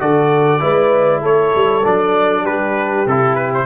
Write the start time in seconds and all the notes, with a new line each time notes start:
0.00 D3 F#4 A4 D5
0.60 G#3 E4 B4
1.22 A3 A4 C#5
1.55 G3
1.85 F#3 D4 D5
2.43 G3 G4 B4
3.06 C3 E4 A4
3.36 B4
3.54 C5